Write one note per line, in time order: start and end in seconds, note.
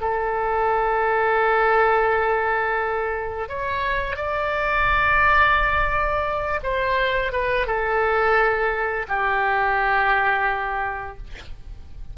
0.00 3.48 A4
3.48 4.16 C#5
4.16 6.60 D5
6.62 7.32 C5
7.32 7.66 B4
7.66 9.06 A4
9.08 11.17 G4